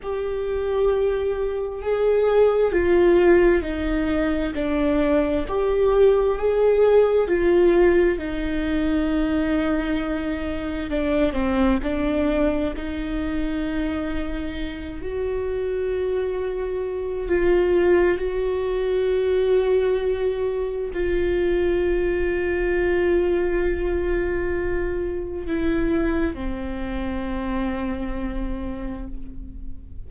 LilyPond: \new Staff \with { instrumentName = "viola" } { \time 4/4 \tempo 4 = 66 g'2 gis'4 f'4 | dis'4 d'4 g'4 gis'4 | f'4 dis'2. | d'8 c'8 d'4 dis'2~ |
dis'8 fis'2~ fis'8 f'4 | fis'2. f'4~ | f'1 | e'4 c'2. | }